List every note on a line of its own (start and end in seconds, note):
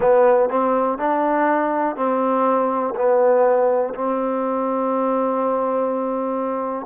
0.00 0.49 B3
0.49 0.98 C4
0.98 1.96 D4
1.96 2.94 C4
2.95 3.93 B3
3.94 6.86 C4